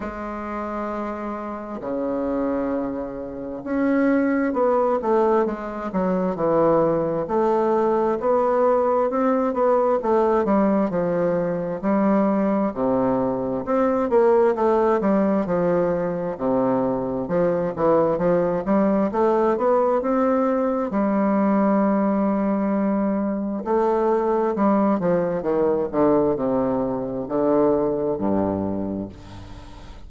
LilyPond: \new Staff \with { instrumentName = "bassoon" } { \time 4/4 \tempo 4 = 66 gis2 cis2 | cis'4 b8 a8 gis8 fis8 e4 | a4 b4 c'8 b8 a8 g8 | f4 g4 c4 c'8 ais8 |
a8 g8 f4 c4 f8 e8 | f8 g8 a8 b8 c'4 g4~ | g2 a4 g8 f8 | dis8 d8 c4 d4 g,4 | }